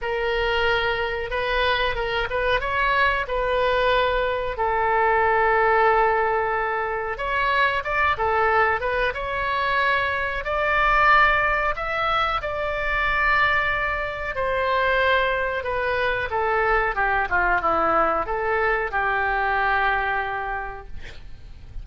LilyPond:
\new Staff \with { instrumentName = "oboe" } { \time 4/4 \tempo 4 = 92 ais'2 b'4 ais'8 b'8 | cis''4 b'2 a'4~ | a'2. cis''4 | d''8 a'4 b'8 cis''2 |
d''2 e''4 d''4~ | d''2 c''2 | b'4 a'4 g'8 f'8 e'4 | a'4 g'2. | }